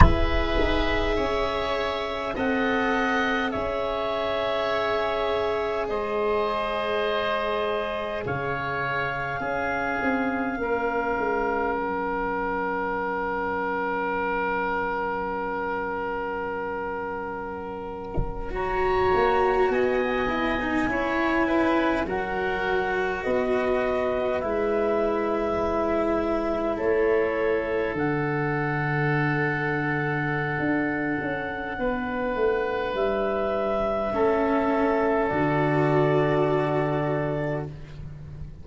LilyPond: <<
  \new Staff \with { instrumentName = "clarinet" } { \time 4/4 \tempo 4 = 51 e''2 fis''4 e''4~ | e''4 dis''2 f''4~ | f''2 fis''2~ | fis''2.~ fis''8. ais''16~ |
ais''8. gis''2 fis''4 dis''16~ | dis''8. e''2 cis''4 fis''16~ | fis''1 | e''2 d''2 | }
  \new Staff \with { instrumentName = "oboe" } { \time 4/4 b'4 cis''4 dis''4 cis''4~ | cis''4 c''2 cis''4 | gis'4 ais'2.~ | ais'2.~ ais'8. cis''16~ |
cis''8. dis''4 cis''8 b'8 ais'4 b'16~ | b'2~ b'8. a'4~ a'16~ | a'2. b'4~ | b'4 a'2. | }
  \new Staff \with { instrumentName = "cello" } { \time 4/4 gis'2 a'4 gis'4~ | gis'1 | cis'1~ | cis'2.~ cis'8. fis'16~ |
fis'4~ fis'16 e'16 dis'16 e'4 fis'4~ fis'16~ | fis'8. e'2. d'16~ | d'1~ | d'4 cis'4 fis'2 | }
  \new Staff \with { instrumentName = "tuba" } { \time 4/4 e'8 dis'8 cis'4 c'4 cis'4~ | cis'4 gis2 cis4 | cis'8 c'8 ais8 gis8 fis2~ | fis1~ |
fis16 ais8 b4 cis'4 fis4 b16~ | b8. gis2 a4 d16~ | d2 d'8 cis'8 b8 a8 | g4 a4 d2 | }
>>